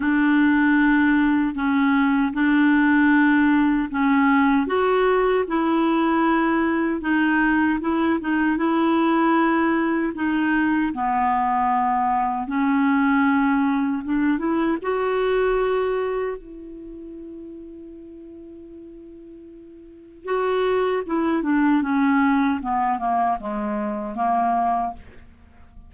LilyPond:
\new Staff \with { instrumentName = "clarinet" } { \time 4/4 \tempo 4 = 77 d'2 cis'4 d'4~ | d'4 cis'4 fis'4 e'4~ | e'4 dis'4 e'8 dis'8 e'4~ | e'4 dis'4 b2 |
cis'2 d'8 e'8 fis'4~ | fis'4 e'2.~ | e'2 fis'4 e'8 d'8 | cis'4 b8 ais8 gis4 ais4 | }